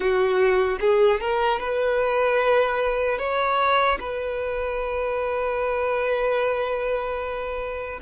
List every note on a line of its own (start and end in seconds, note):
0.00 0.78 F#4
0.80 1.20 G#4
1.20 1.59 A#4
1.59 3.18 B4
3.18 3.98 C#5
4.00 8.00 B4